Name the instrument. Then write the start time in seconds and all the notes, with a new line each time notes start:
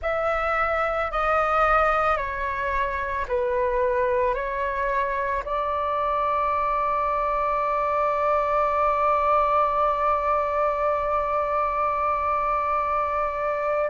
flute
0.01 E5
1.11 D#5
2.16 C#5
3.27 B4
4.34 C#5
5.44 D5